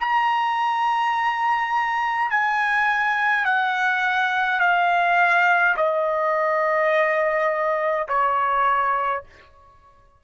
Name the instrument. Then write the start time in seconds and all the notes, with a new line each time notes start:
trumpet
0.00 A#5
2.30 G#5
3.45 F#5
4.59 F5
5.76 D#5
8.08 C#5